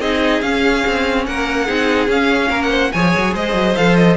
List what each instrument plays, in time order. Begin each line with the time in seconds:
0.00 cello C4, viola D#4, violin G#4 D#5
0.42 viola C#4, cello C#4, violin F5
0.87 cello C4
1.26 cello A#3, violin A#4 F#5
1.66 cello C4, viola D#4, violin G#4
2.08 viola C#4, cello C#4, violin F5
2.50 cello A#3, violin A#4
2.63 violin F#5
2.70 violin C5
2.92 cello F3, viola G#4, violin C#5 G#5
3.17 cello F#3
3.34 cello G#3, violin C5 D#5
3.54 cello F#3
3.76 cello F3, viola A4, violin F5
3.96 violin D#5